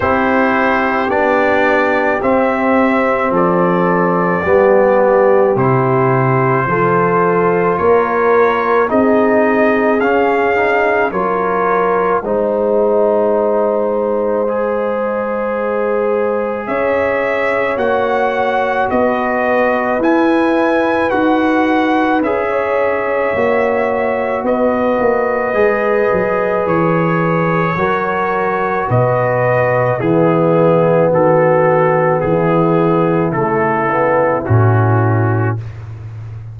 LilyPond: <<
  \new Staff \with { instrumentName = "trumpet" } { \time 4/4 \tempo 4 = 54 c''4 d''4 e''4 d''4~ | d''4 c''2 cis''4 | dis''4 f''4 cis''4 dis''4~ | dis''2. e''4 |
fis''4 dis''4 gis''4 fis''4 | e''2 dis''2 | cis''2 dis''4 gis'4 | a'4 gis'4 a'4 fis'4 | }
  \new Staff \with { instrumentName = "horn" } { \time 4/4 g'2. a'4 | g'2 a'4 ais'4 | gis'2 ais'4 c''4~ | c''2. cis''4~ |
cis''4 b'2.~ | b'16 cis''4.~ cis''16 b'2~ | b'4 ais'4 b'4 e'4 | fis'4 e'2. | }
  \new Staff \with { instrumentName = "trombone" } { \time 4/4 e'4 d'4 c'2 | b4 e'4 f'2 | dis'4 cis'8 dis'8 f'4 dis'4~ | dis'4 gis'2. |
fis'2 e'4 fis'4 | gis'4 fis'2 gis'4~ | gis'4 fis'2 b4~ | b2 a8 b8 cis'4 | }
  \new Staff \with { instrumentName = "tuba" } { \time 4/4 c'4 b4 c'4 f4 | g4 c4 f4 ais4 | c'4 cis'4 fis4 gis4~ | gis2. cis'4 |
ais4 b4 e'4 dis'4 | cis'4 ais4 b8 ais8 gis8 fis8 | e4 fis4 b,4 e4 | dis4 e4 cis4 a,4 | }
>>